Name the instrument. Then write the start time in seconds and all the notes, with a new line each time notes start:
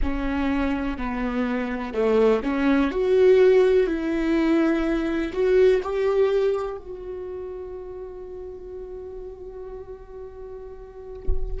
viola
0.02 C#4
0.97 B3
1.93 A3
2.43 C#4
2.91 F#4
3.86 E4
5.32 F#4
5.82 G4
6.77 F#4